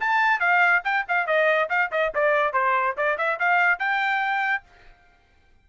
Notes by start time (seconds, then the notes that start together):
0.00 A5
0.39 F5
0.84 G5
1.08 F5
1.26 D#5
1.69 F5
1.91 D#5
2.14 D5
2.53 C5
2.97 D5
3.18 E5
3.39 F5
3.79 G5